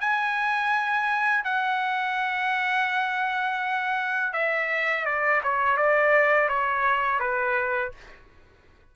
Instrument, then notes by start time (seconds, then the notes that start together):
trumpet
0.00 G#5
1.44 F#5
4.33 E5
5.05 D5
5.43 C#5
5.77 D5
6.49 C#5
7.20 B4